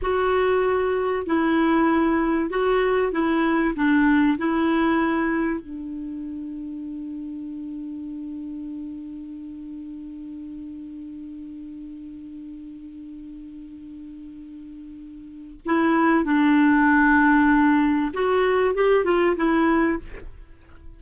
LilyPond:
\new Staff \with { instrumentName = "clarinet" } { \time 4/4 \tempo 4 = 96 fis'2 e'2 | fis'4 e'4 d'4 e'4~ | e'4 d'2.~ | d'1~ |
d'1~ | d'1~ | d'4 e'4 d'2~ | d'4 fis'4 g'8 f'8 e'4 | }